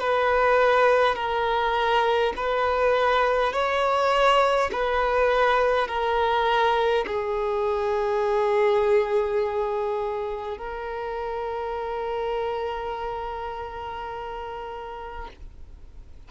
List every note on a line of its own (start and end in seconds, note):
0.00 1.16 B4
1.16 2.33 A#4
2.36 3.53 B4
3.53 4.71 C#5
4.72 5.88 B4
5.88 7.05 A#4
7.07 10.58 G#4
10.58 15.28 A#4